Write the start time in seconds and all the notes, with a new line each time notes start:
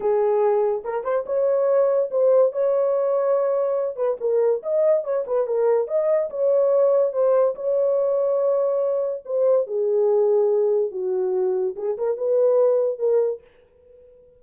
0.00 G#4
0.84 A#4
1.04 C5
1.25 C#5
2.10 C5
2.52 C#5
3.96 B4
4.20 A#4
4.62 D#5
5.03 C#5
5.26 B4
5.46 A#4
5.87 D#5
6.30 C#5
7.12 C5
7.55 C#5
9.25 C5
9.66 G#4
10.91 F#4
11.76 G#4
11.97 A#4
12.17 B4
12.98 A#4